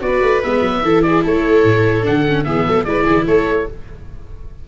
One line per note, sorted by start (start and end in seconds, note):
0.00 0.21 B3
0.00 0.41 F#4
0.00 0.42 D5
0.07 0.84 B4
0.22 0.42 A3
0.43 0.61 G#3
0.43 0.84 B3
0.43 1.02 E5
0.61 0.81 F#3
0.82 1.22 E3
0.82 2.03 E4
0.82 1.05 A4
1.02 1.24 G#4
1.02 1.23 D5
1.24 1.64 A3
1.24 2.46 A4
1.24 2.06 C#5
1.64 2.05 A2
2.03 2.46 D3
2.03 2.23 D4
2.03 2.44 F#5
2.28 2.45 C#4
2.44 2.67 E3
2.44 2.85 B3
2.44 2.66 G#4
2.44 2.84 E5
2.66 2.85 F#3
2.66 2.87 A4
2.84 3.05 G#3
2.84 3.67 E4
2.84 3.04 B4
2.84 3.25 D5
3.04 3.27 E3
3.04 3.24 G#4
3.27 3.67 A3
3.27 3.68 A4
3.27 3.67 C#5